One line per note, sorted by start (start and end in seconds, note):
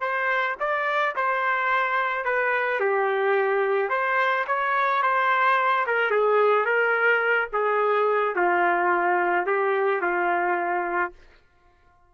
0.00 0.56 C5
0.60 1.15 D5
1.16 2.24 C5
2.24 2.80 B4
2.80 3.89 G4
3.89 4.45 C5
4.47 5.03 C#5
5.03 5.86 C5
5.87 6.10 A#4
6.10 6.65 G#4
6.65 7.48 A#4
7.53 8.35 G#4
8.35 9.46 F4
9.46 10.01 G4
10.01 11.12 F4